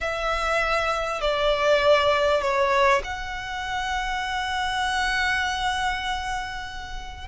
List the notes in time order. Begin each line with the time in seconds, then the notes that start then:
0.00 E5
1.21 D5
2.41 C#5
3.04 F#5